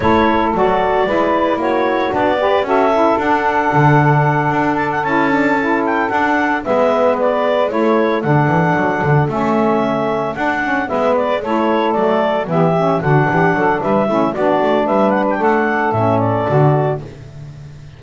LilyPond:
<<
  \new Staff \with { instrumentName = "clarinet" } { \time 4/4 \tempo 4 = 113 cis''4 d''2 cis''4 | d''4 e''4 fis''2~ | fis''4 a''16 fis''16 a''4. g''8 fis''8~ | fis''8 e''4 d''4 cis''4 fis''8~ |
fis''4. e''2 fis''8~ | fis''8 e''8 d''8 cis''4 d''4 e''8~ | e''8 fis''4. e''4 d''4 | e''8 fis''16 g''16 fis''4 e''8 d''4. | }
  \new Staff \with { instrumentName = "saxophone" } { \time 4/4 a'2 b'4 fis'4~ | fis'8 b'8 a'2.~ | a'1~ | a'8 b'2 a'4.~ |
a'1~ | a'8 b'4 a'2 g'8~ | g'8 fis'8 g'8 a'8 b'8 e'8 fis'4 | b'4 a'2. | }
  \new Staff \with { instrumentName = "saxophone" } { \time 4/4 e'4 fis'4 e'2 | d'8 g'8 fis'8 e'8 d'2~ | d'4. e'8 d'8 e'4 d'8~ | d'8 b2 e'4 d'8~ |
d'4. cis'2 d'8 | cis'8 b4 e'4 a4 b8 | cis'8 d'2 cis'8 d'4~ | d'2 cis'4 fis'4 | }
  \new Staff \with { instrumentName = "double bass" } { \time 4/4 a4 fis4 gis4 ais4 | b4 cis'4 d'4 d4~ | d8 d'4 cis'2 d'8~ | d'8 gis2 a4 d8 |
e8 fis8 d8 a2 d'8~ | d'8 gis4 a4 fis4 e8~ | e8 d8 e8 fis8 g8 a8 b8 a8 | g4 a4 a,4 d4 | }
>>